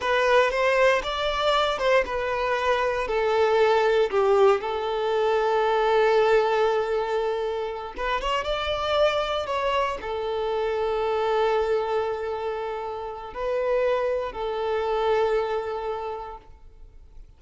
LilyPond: \new Staff \with { instrumentName = "violin" } { \time 4/4 \tempo 4 = 117 b'4 c''4 d''4. c''8 | b'2 a'2 | g'4 a'2.~ | a'2.~ a'8 b'8 |
cis''8 d''2 cis''4 a'8~ | a'1~ | a'2 b'2 | a'1 | }